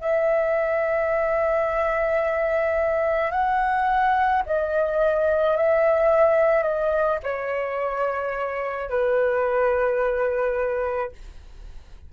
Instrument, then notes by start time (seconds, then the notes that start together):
flute
0.00 E5
3.31 F#5
4.45 D#5
5.56 E5
6.63 D#5
7.23 C#5
8.89 B4